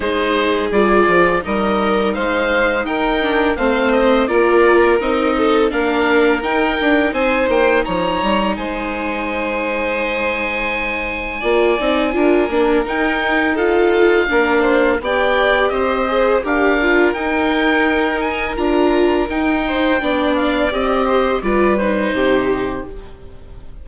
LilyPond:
<<
  \new Staff \with { instrumentName = "oboe" } { \time 4/4 \tempo 4 = 84 c''4 d''4 dis''4 f''4 | g''4 f''8 dis''8 d''4 dis''4 | f''4 g''4 gis''8 g''8 ais''4 | gis''1~ |
gis''2 g''4 f''4~ | f''4 g''4 dis''4 f''4 | g''4. gis''8 ais''4 g''4~ | g''8 f''8 dis''4 d''8 c''4. | }
  \new Staff \with { instrumentName = "violin" } { \time 4/4 gis'2 ais'4 c''4 | ais'4 c''4 ais'4. a'8 | ais'2 c''4 cis''4 | c''1 |
d''4 ais'2 a'4 | ais'8 c''8 d''4 c''4 ais'4~ | ais'2.~ ais'8 c''8 | d''4. c''8 b'4 g'4 | }
  \new Staff \with { instrumentName = "viola" } { \time 4/4 dis'4 f'4 dis'2~ | dis'8 d'8 c'4 f'4 dis'4 | d'4 dis'2.~ | dis'1 |
f'8 dis'8 f'8 d'8 dis'4 f'4 | d'4 g'4. gis'8 g'8 f'8 | dis'2 f'4 dis'4 | d'4 g'4 f'8 dis'4. | }
  \new Staff \with { instrumentName = "bassoon" } { \time 4/4 gis4 g8 f8 g4 gis4 | dis'4 a4 ais4 c'4 | ais4 dis'8 d'8 c'8 ais8 f8 g8 | gis1 |
ais8 c'8 d'8 ais8 dis'2 | ais4 b4 c'4 d'4 | dis'2 d'4 dis'4 | b4 c'4 g4 c4 | }
>>